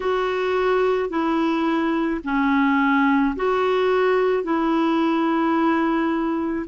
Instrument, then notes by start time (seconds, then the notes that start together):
clarinet
0.00 F#4
1.09 E4
2.24 C#4
3.36 F#4
4.43 E4